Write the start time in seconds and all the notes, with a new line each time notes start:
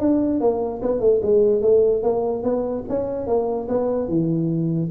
0.00 D4
0.41 A#3
0.82 B3
1.01 A3
1.22 G#3
1.62 A3
2.03 A#3
2.43 B3
2.89 C#4
3.27 A#3
3.69 B3
4.09 E3